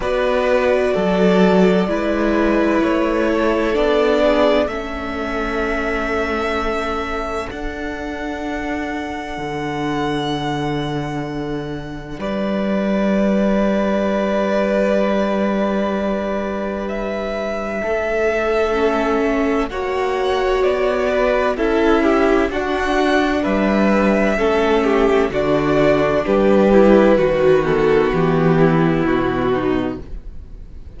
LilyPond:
<<
  \new Staff \with { instrumentName = "violin" } { \time 4/4 \tempo 4 = 64 d''2. cis''4 | d''4 e''2. | fis''1~ | fis''4 d''2.~ |
d''2 e''2~ | e''4 fis''4 d''4 e''4 | fis''4 e''2 d''4 | b'4. a'8 g'4 fis'4 | }
  \new Staff \with { instrumentName = "violin" } { \time 4/4 b'4 a'4 b'4. a'8~ | a'8 gis'8 a'2.~ | a'1~ | a'4 b'2.~ |
b'2. a'4~ | a'4 cis''4. b'8 a'8 g'8 | fis'4 b'4 a'8 g'8 fis'4 | g'4 fis'4. e'4 dis'8 | }
  \new Staff \with { instrumentName = "viola" } { \time 4/4 fis'2 e'2 | d'4 cis'2. | d'1~ | d'1~ |
d'1 | cis'4 fis'2 e'4 | d'2 cis'4 d'4~ | d'8 e'8 fis'8 b2~ b8 | }
  \new Staff \with { instrumentName = "cello" } { \time 4/4 b4 fis4 gis4 a4 | b4 a2. | d'2 d2~ | d4 g2.~ |
g2. a4~ | a4 ais4 b4 cis'4 | d'4 g4 a4 d4 | g4 dis4 e4 b,4 | }
>>